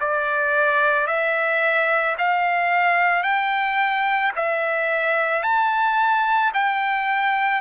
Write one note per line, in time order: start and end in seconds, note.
0.00 1.07 D5
1.07 2.16 E5
2.18 3.23 F5
3.23 4.32 G5
4.36 5.43 E5
5.43 6.52 A5
6.54 7.61 G5